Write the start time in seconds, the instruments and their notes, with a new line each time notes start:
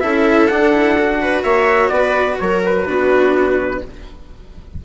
0.00 bassoon C#4, cello E4, viola A4, trumpet E5
0.47 bassoon D4, cello D4, trumpet F#5
0.74 cello E4
0.98 cello F#4
1.22 viola B4
1.43 bassoon A#3, viola C#5, trumpet E5
1.89 bassoon B3, viola B4, trumpet D5
2.39 bassoon F#3, viola A#4, trumpet C#5
2.66 trumpet B4
2.86 bassoon B3, cello D4, viola F#4